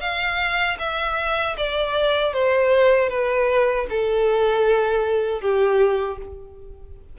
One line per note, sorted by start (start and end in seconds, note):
0.00 0.77 F5
0.79 1.56 E5
1.57 2.33 D5
2.33 3.09 C5
3.09 3.86 B4
3.89 5.41 A4
5.41 6.17 G4